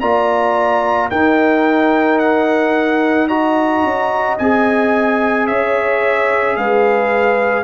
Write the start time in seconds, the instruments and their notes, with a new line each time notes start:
0.00 tuba A#3, trombone F4, horn D5, trumpet A#5
1.09 tuba D#4, trombone D#4, horn A#4, trumpet G5
2.18 trumpet F#5
3.27 trombone F#4, horn D#5, trumpet A#5
3.83 tuba C#4
4.38 tuba C4, trombone G#4, trumpet G#5
5.47 tuba C#4, horn C#5, trumpet E5
6.56 tuba G#3, horn B4, trumpet F5